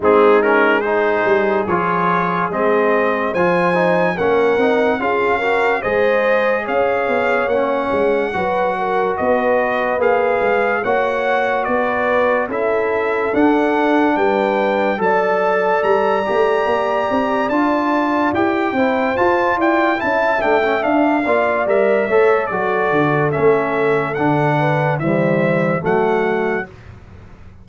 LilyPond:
<<
  \new Staff \with { instrumentName = "trumpet" } { \time 4/4 \tempo 4 = 72 gis'8 ais'8 c''4 cis''4 dis''4 | gis''4 fis''4 f''4 dis''4 | f''4 fis''2 dis''4 | f''4 fis''4 d''4 e''4 |
fis''4 g''4 a''4 ais''4~ | ais''4 a''4 g''4 a''8 g''8 | a''8 g''8 f''4 e''4 d''4 | e''4 fis''4 e''4 fis''4 | }
  \new Staff \with { instrumentName = "horn" } { \time 4/4 dis'4 gis'2. | c''4 ais'4 gis'8 ais'8 c''4 | cis''2 b'8 ais'8 b'4~ | b'4 cis''4 b'4 a'4~ |
a'4 b'4 d''2~ | d''2~ d''8 c''4 d''8 | e''4. d''4 cis''8 a'4~ | a'4. b'8 c''4 fis'4 | }
  \new Staff \with { instrumentName = "trombone" } { \time 4/4 c'8 cis'8 dis'4 f'4 c'4 | f'8 dis'8 cis'8 dis'8 f'8 fis'8 gis'4~ | gis'4 cis'4 fis'2 | gis'4 fis'2 e'4 |
d'2 a'4. g'8~ | g'4 f'4 g'8 e'8 f'4 | e'8 d'16 cis'16 d'8 f'8 ais'8 a'8 fis'4 | cis'4 d'4 g4 a4 | }
  \new Staff \with { instrumentName = "tuba" } { \time 4/4 gis4. g8 f4 gis4 | f4 ais8 c'8 cis'4 gis4 | cis'8 b8 ais8 gis8 fis4 b4 | ais8 gis8 ais4 b4 cis'4 |
d'4 g4 fis4 g8 a8 | ais8 c'8 d'4 e'8 c'8 f'8 e'8 | cis'8 a8 d'8 ais8 g8 a8 fis8 d8 | a4 d4 e4 fis4 | }
>>